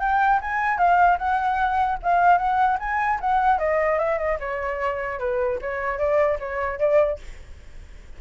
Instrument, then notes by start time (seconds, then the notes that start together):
flute
0.00 G5
0.41 G#5
0.78 F5
1.18 F#5
2.03 F5
2.38 F#5
2.79 G#5
3.21 F#5
3.59 D#5
3.99 E5
4.18 D#5
4.40 C#5
5.19 B4
5.61 C#5
5.98 D5
6.39 C#5
6.79 D5